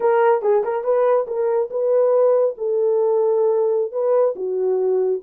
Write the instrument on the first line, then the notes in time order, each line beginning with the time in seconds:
horn
0.00 A#4
0.41 G#4
0.63 A#4
0.84 B4
1.27 A#4
1.70 B4
2.57 A4
3.91 B4
4.35 F#4